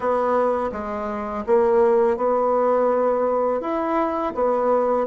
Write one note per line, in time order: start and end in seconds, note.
0.00 0.70 B3
0.72 1.44 G#3
1.46 2.16 A#3
2.16 3.60 B3
3.60 4.33 E4
4.34 5.06 B3